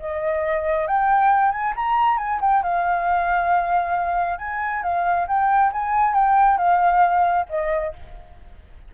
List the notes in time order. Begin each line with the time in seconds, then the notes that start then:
0.00 D#5
0.87 G5
1.52 G#5
1.76 A#5
2.18 G#5
2.41 G5
2.63 F5
4.39 G#5
4.83 F5
5.28 G5
5.73 G#5
6.14 G5
6.58 F5
7.49 D#5